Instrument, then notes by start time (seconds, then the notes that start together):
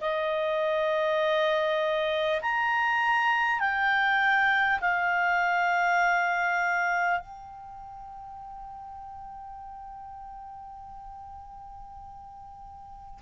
clarinet
0.00 D#5
2.41 A#5
3.59 G5
4.80 F5
7.20 G5